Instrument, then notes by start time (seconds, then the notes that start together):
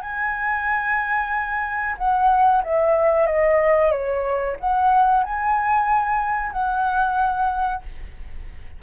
flute
0.00 G#5
1.97 F#5
2.63 E5
3.26 D#5
3.91 C#5
4.60 F#5
5.23 G#5
6.52 F#5